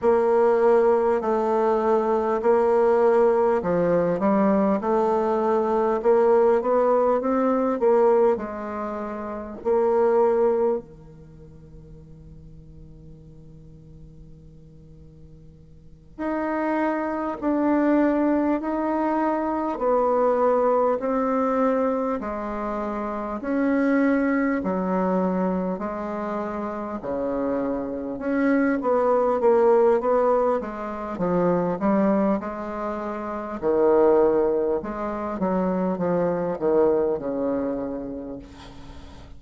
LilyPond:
\new Staff \with { instrumentName = "bassoon" } { \time 4/4 \tempo 4 = 50 ais4 a4 ais4 f8 g8 | a4 ais8 b8 c'8 ais8 gis4 | ais4 dis2.~ | dis4. dis'4 d'4 dis'8~ |
dis'8 b4 c'4 gis4 cis'8~ | cis'8 fis4 gis4 cis4 cis'8 | b8 ais8 b8 gis8 f8 g8 gis4 | dis4 gis8 fis8 f8 dis8 cis4 | }